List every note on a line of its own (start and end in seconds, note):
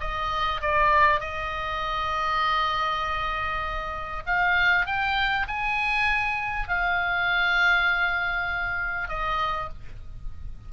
0.00 0.61 D#5
0.61 1.20 D5
1.20 4.23 D#5
4.26 4.86 F5
4.86 5.46 G5
5.48 6.68 G#5
6.68 9.08 F5
9.08 9.69 D#5